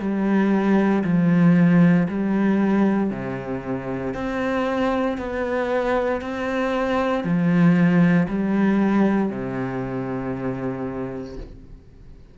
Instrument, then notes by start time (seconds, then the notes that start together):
cello
0.00 G3
1.04 F3
2.08 G3
3.11 C3
4.14 C4
5.18 B3
6.22 C4
7.24 F3
8.29 G3
9.30 C3